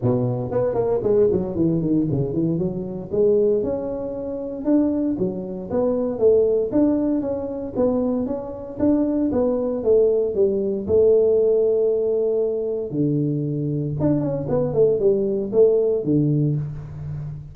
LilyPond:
\new Staff \with { instrumentName = "tuba" } { \time 4/4 \tempo 4 = 116 b,4 b8 ais8 gis8 fis8 e8 dis8 | cis8 e8 fis4 gis4 cis'4~ | cis'4 d'4 fis4 b4 | a4 d'4 cis'4 b4 |
cis'4 d'4 b4 a4 | g4 a2.~ | a4 d2 d'8 cis'8 | b8 a8 g4 a4 d4 | }